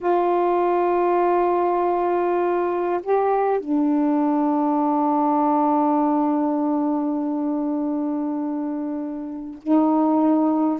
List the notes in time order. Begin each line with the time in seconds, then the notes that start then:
0.00 F4
3.02 G4
3.60 D4
9.62 D#4